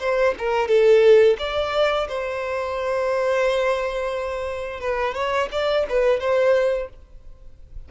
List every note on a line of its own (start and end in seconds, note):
0.00 0.34 C5
0.39 0.68 A#4
0.68 1.37 A4
1.39 2.08 D5
2.09 4.81 C5
4.81 5.15 B4
5.15 5.49 C#5
5.52 5.87 D5
5.90 6.20 B4
6.20 6.89 C5